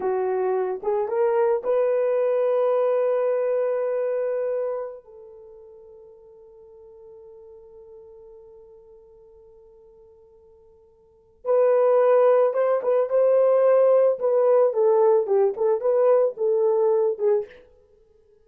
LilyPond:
\new Staff \with { instrumentName = "horn" } { \time 4/4 \tempo 4 = 110 fis'4. gis'8 ais'4 b'4~ | b'1~ | b'4~ b'16 a'2~ a'8.~ | a'1~ |
a'1~ | a'4 b'2 c''8 b'8 | c''2 b'4 a'4 | g'8 a'8 b'4 a'4. gis'8 | }